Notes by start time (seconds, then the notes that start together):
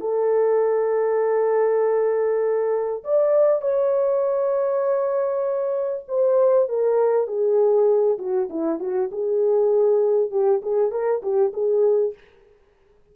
0.00 A4
3.04 D5
3.61 C#5
6.08 C5
6.69 A#4
7.27 G#4
8.18 F#4
8.50 E4
8.79 F#4
9.11 G#4
10.31 G4
10.62 G#4
10.91 A#4
11.22 G4
11.53 G#4